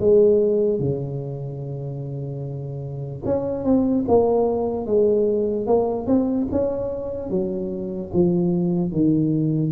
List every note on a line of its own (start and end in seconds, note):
0.00 0.79 G#3
0.79 3.22 C#3
3.25 3.64 C#4
3.64 4.05 C4
4.08 4.86 A#3
4.86 5.66 G#3
5.66 6.07 A#3
6.07 6.47 C4
6.51 7.30 C#4
7.30 8.11 F#3
8.13 8.92 F3
8.92 9.72 D#3